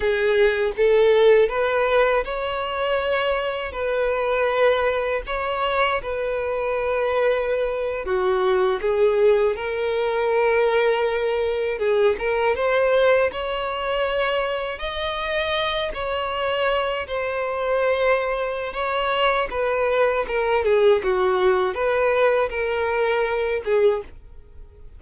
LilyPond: \new Staff \with { instrumentName = "violin" } { \time 4/4 \tempo 4 = 80 gis'4 a'4 b'4 cis''4~ | cis''4 b'2 cis''4 | b'2~ b'8. fis'4 gis'16~ | gis'8. ais'2. gis'16~ |
gis'16 ais'8 c''4 cis''2 dis''16~ | dis''4~ dis''16 cis''4. c''4~ c''16~ | c''4 cis''4 b'4 ais'8 gis'8 | fis'4 b'4 ais'4. gis'8 | }